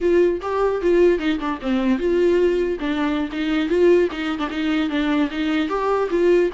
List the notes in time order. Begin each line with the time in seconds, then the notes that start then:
0.00 F4
0.41 G4
0.81 F4
1.18 D#4
1.39 D4
1.61 C4
1.98 F4
2.79 D4
3.31 D#4
3.68 F4
4.11 D#4
4.39 D4
4.49 D#4
4.89 D4
5.31 D#4
5.69 G4
6.10 F4